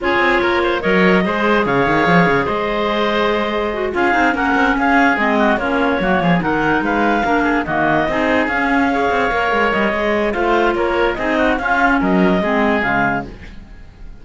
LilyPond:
<<
  \new Staff \with { instrumentName = "clarinet" } { \time 4/4 \tempo 4 = 145 cis''2 dis''2 | f''2 dis''2~ | dis''4. f''4 fis''4 f''8~ | f''8 dis''4 cis''2 fis''8~ |
fis''8 f''2 dis''4.~ | dis''8 f''2. dis''8~ | dis''4 f''4 cis''4 dis''4 | f''4 dis''2 f''4 | }
  \new Staff \with { instrumentName = "oboe" } { \time 4/4 gis'4 ais'8 c''8 cis''4 c''4 | cis''2 c''2~ | c''4. gis'4 ais'4 gis'8~ | gis'4 fis'8 f'4 fis'8 gis'8 ais'8~ |
ais'8 b'4 ais'8 gis'8 fis'4 gis'8~ | gis'4. cis''2~ cis''8~ | cis''4 c''4 ais'4 gis'8 fis'8 | f'4 ais'4 gis'2 | }
  \new Staff \with { instrumentName = "clarinet" } { \time 4/4 f'2 ais'4 gis'4~ | gis'1~ | gis'4 fis'8 f'8 dis'8 cis'4.~ | cis'8 c'4 cis'4 ais4 dis'8~ |
dis'4. d'4 ais4 dis'8~ | dis'8 cis'4 gis'4 ais'4. | gis'4 f'2 dis'4 | cis'2 c'4 gis4 | }
  \new Staff \with { instrumentName = "cello" } { \time 4/4 cis'8 c'8 ais4 fis4 gis4 | cis8 dis8 f8 cis8 gis2~ | gis4. cis'8 c'8 ais8 c'8 cis'8~ | cis'8 gis4 ais4 fis8 f8 dis8~ |
dis8 gis4 ais4 dis4 c'8~ | c'8 cis'4. c'8 ais8 gis8 g8 | gis4 a4 ais4 c'4 | cis'4 fis4 gis4 cis4 | }
>>